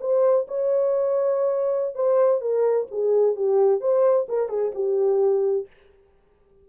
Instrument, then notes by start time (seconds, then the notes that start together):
horn
0.00 C5
0.48 C#5
1.95 C5
2.41 A#4
2.91 G#4
3.36 G4
3.80 C5
4.28 A#4
4.49 G#4
4.74 G4